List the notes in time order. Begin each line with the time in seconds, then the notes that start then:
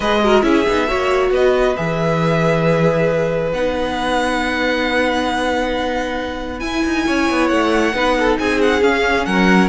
0.00 G#3 G#4 B4 D#5
0.24 F#4 A#4
0.42 C#4 E4 G#4 E5
0.68 B3 D#4
0.87 A#3 F#4 C#5
1.31 B3 B4 D#5
1.76 E3 G#4 E5
3.52 B3 D#4 F#5
6.59 E4 G#5
6.85 D#4
7.06 C#4 C#5
7.30 B3
7.48 A3 F#5
7.93 B3 D#4 B4
8.19 A4
8.39 C4 G#4 G#5
8.61 F#5
8.81 C#4 F5
9.25 F#3 A#4 F#5